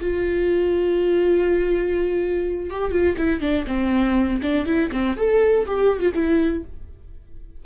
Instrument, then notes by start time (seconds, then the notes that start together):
viola
0.00 F4
2.70 G4
2.91 F4
3.17 E4
3.40 D4
3.67 C4
4.42 D4
4.65 E4
4.91 C4
5.16 A4
5.66 G4
5.99 F4
6.14 E4